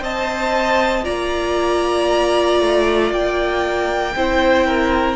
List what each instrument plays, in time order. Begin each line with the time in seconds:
0.00 cello C4, viola C5, violin D#5 A5
1.03 viola F4, violin D5 A#5
1.09 cello A#3
2.61 cello A3
3.12 cello A#3, violin G5
4.16 cello C4, viola E4, violin C5
4.67 violin A#4